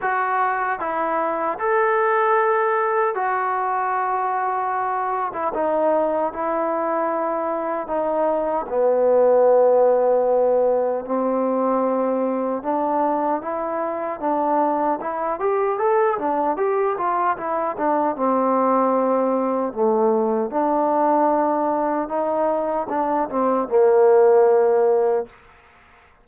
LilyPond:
\new Staff \with { instrumentName = "trombone" } { \time 4/4 \tempo 4 = 76 fis'4 e'4 a'2 | fis'2~ fis'8. e'16 dis'4 | e'2 dis'4 b4~ | b2 c'2 |
d'4 e'4 d'4 e'8 g'8 | a'8 d'8 g'8 f'8 e'8 d'8 c'4~ | c'4 a4 d'2 | dis'4 d'8 c'8 ais2 | }